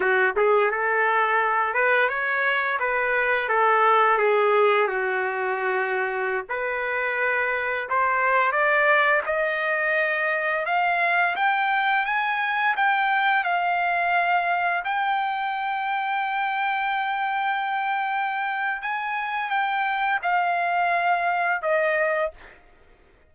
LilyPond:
\new Staff \with { instrumentName = "trumpet" } { \time 4/4 \tempo 4 = 86 fis'8 gis'8 a'4. b'8 cis''4 | b'4 a'4 gis'4 fis'4~ | fis'4~ fis'16 b'2 c''8.~ | c''16 d''4 dis''2 f''8.~ |
f''16 g''4 gis''4 g''4 f''8.~ | f''4~ f''16 g''2~ g''8.~ | g''2. gis''4 | g''4 f''2 dis''4 | }